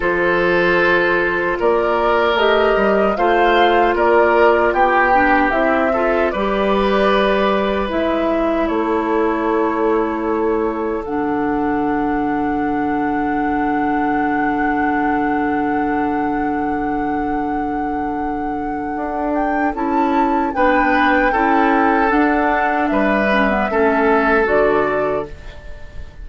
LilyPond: <<
  \new Staff \with { instrumentName = "flute" } { \time 4/4 \tempo 4 = 76 c''2 d''4 dis''4 | f''4 d''4 g''4 e''4 | d''2 e''4 cis''4~ | cis''2 fis''2~ |
fis''1~ | fis''1~ | fis''8 g''8 a''4 g''2 | fis''4 e''2 d''4 | }
  \new Staff \with { instrumentName = "oboe" } { \time 4/4 a'2 ais'2 | c''4 ais'4 g'4. a'8 | b'2. a'4~ | a'1~ |
a'1~ | a'1~ | a'2 b'4 a'4~ | a'4 b'4 a'2 | }
  \new Staff \with { instrumentName = "clarinet" } { \time 4/4 f'2. g'4 | f'2~ f'8 d'8 e'8 f'8 | g'2 e'2~ | e'2 d'2~ |
d'1~ | d'1~ | d'4 e'4 d'4 e'4 | d'4. cis'16 b16 cis'4 fis'4 | }
  \new Staff \with { instrumentName = "bassoon" } { \time 4/4 f2 ais4 a8 g8 | a4 ais4 b4 c'4 | g2 gis4 a4~ | a2 d2~ |
d1~ | d1 | d'4 cis'4 b4 cis'4 | d'4 g4 a4 d4 | }
>>